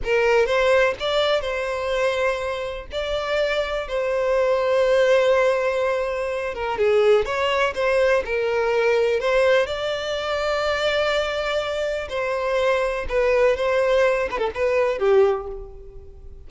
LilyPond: \new Staff \with { instrumentName = "violin" } { \time 4/4 \tempo 4 = 124 ais'4 c''4 d''4 c''4~ | c''2 d''2 | c''1~ | c''4. ais'8 gis'4 cis''4 |
c''4 ais'2 c''4 | d''1~ | d''4 c''2 b'4 | c''4. b'16 a'16 b'4 g'4 | }